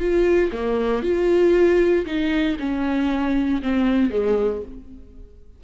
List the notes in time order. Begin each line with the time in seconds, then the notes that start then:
0.00 F4
0.52 A#3
1.03 F4
2.06 D#4
2.59 C#4
3.63 C4
4.11 G#3